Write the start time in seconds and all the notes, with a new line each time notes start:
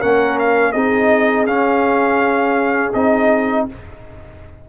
0.00 A#3 C#4 A#4 F#5
0.39 F5
0.72 C4 D#4 G#4 D#5
1.47 C#4 F5
2.94 C4 D#4 D#5